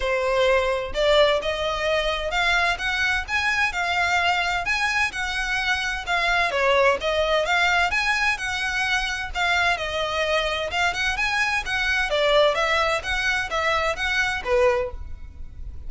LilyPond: \new Staff \with { instrumentName = "violin" } { \time 4/4 \tempo 4 = 129 c''2 d''4 dis''4~ | dis''4 f''4 fis''4 gis''4 | f''2 gis''4 fis''4~ | fis''4 f''4 cis''4 dis''4 |
f''4 gis''4 fis''2 | f''4 dis''2 f''8 fis''8 | gis''4 fis''4 d''4 e''4 | fis''4 e''4 fis''4 b'4 | }